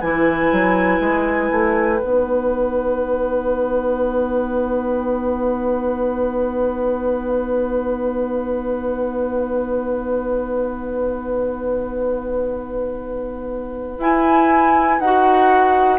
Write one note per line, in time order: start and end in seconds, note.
0.00 0.52 E3
0.00 2.00 E4
0.00 15.99 B4
0.00 2.00 G#5
0.52 1.00 F#3
1.00 1.50 G#3
1.51 2.01 A3
2.00 13.98 B3
2.00 14.00 D#4
2.00 14.00 F#5
13.98 14.98 E4
13.98 15.00 E4
13.98 15.00 G#5
15.00 15.99 D#4
15.00 15.99 F#4
15.00 15.99 F#5